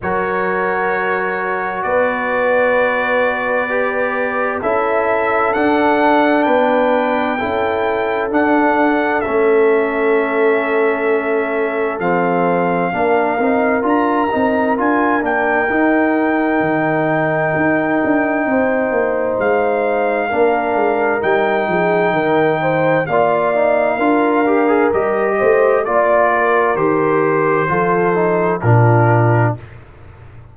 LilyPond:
<<
  \new Staff \with { instrumentName = "trumpet" } { \time 4/4 \tempo 4 = 65 cis''2 d''2~ | d''4 e''4 fis''4 g''4~ | g''4 fis''4 e''2~ | e''4 f''2 ais''4 |
gis''8 g''2.~ g''8~ | g''4 f''2 g''4~ | g''4 f''2 dis''4 | d''4 c''2 ais'4 | }
  \new Staff \with { instrumentName = "horn" } { \time 4/4 ais'2 b'2~ | b'4 a'2 b'4 | a'1~ | a'2 ais'2~ |
ais'1 | c''2 ais'4. gis'8 | ais'8 c''8 d''4 ais'4. c''8 | d''8 ais'4. a'4 f'4 | }
  \new Staff \with { instrumentName = "trombone" } { \time 4/4 fis'1 | g'4 e'4 d'2 | e'4 d'4 cis'2~ | cis'4 c'4 d'8 dis'8 f'8 dis'8 |
f'8 d'8 dis'2.~ | dis'2 d'4 dis'4~ | dis'4 f'8 dis'8 f'8 g'16 gis'16 g'4 | f'4 g'4 f'8 dis'8 d'4 | }
  \new Staff \with { instrumentName = "tuba" } { \time 4/4 fis2 b2~ | b4 cis'4 d'4 b4 | cis'4 d'4 a2~ | a4 f4 ais8 c'8 d'8 c'8 |
d'8 ais8 dis'4 dis4 dis'8 d'8 | c'8 ais8 gis4 ais8 gis8 g8 f8 | dis4 ais4 d'4 g8 a8 | ais4 dis4 f4 ais,4 | }
>>